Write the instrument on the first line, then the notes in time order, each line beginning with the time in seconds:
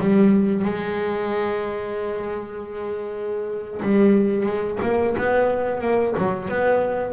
double bass
0.00 G3
0.64 G#3
3.82 G3
4.46 G#3
4.82 A#3
5.17 B3
5.81 A#3
6.18 F#3
6.48 B3